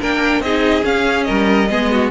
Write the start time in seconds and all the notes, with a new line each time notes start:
0.00 A#3 D4 A#4 G5
0.40 C4 D#4 G#4 D#5
0.82 C#4 F5
1.24 G3 A#4 D#5
1.70 G#3 B3 G#4
1.91 F#4